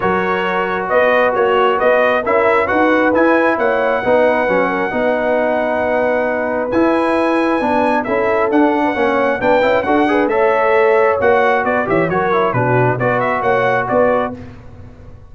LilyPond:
<<
  \new Staff \with { instrumentName = "trumpet" } { \time 4/4 \tempo 4 = 134 cis''2 dis''4 cis''4 | dis''4 e''4 fis''4 gis''4 | fis''1~ | fis''2. gis''4~ |
gis''2 e''4 fis''4~ | fis''4 g''4 fis''4 e''4~ | e''4 fis''4 d''8 e''8 cis''4 | b'4 d''8 e''8 fis''4 d''4 | }
  \new Staff \with { instrumentName = "horn" } { \time 4/4 ais'2 b'4 fis'4 | b'4 ais'4 b'2 | cis''4 b'4. ais'8 b'4~ | b'1~ |
b'2 a'4.~ a'16 b'16 | cis''4 b'4 a'8 b'8 cis''4~ | cis''2 b'8 cis''8 ais'4 | fis'4 b'4 cis''4 b'4 | }
  \new Staff \with { instrumentName = "trombone" } { \time 4/4 fis'1~ | fis'4 e'4 fis'4 e'4~ | e'4 dis'4 cis'4 dis'4~ | dis'2. e'4~ |
e'4 d'4 e'4 d'4 | cis'4 d'8 e'8 fis'8 gis'8 a'4~ | a'4 fis'4. g'8 fis'8 e'8 | d'4 fis'2. | }
  \new Staff \with { instrumentName = "tuba" } { \time 4/4 fis2 b4 ais4 | b4 cis'4 dis'4 e'4 | ais4 b4 fis4 b4~ | b2. e'4~ |
e'4 b4 cis'4 d'4 | ais4 b8 cis'8 d'4 a4~ | a4 ais4 b8 e8 fis4 | b,4 b4 ais4 b4 | }
>>